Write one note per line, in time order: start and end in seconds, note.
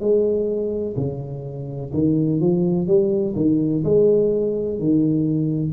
0.00 0.95 G#3
0.97 1.92 C#3
1.94 2.41 D#3
2.41 2.87 F3
2.87 3.35 G3
3.36 3.84 D#3
3.84 4.79 G#3
4.79 5.73 D#3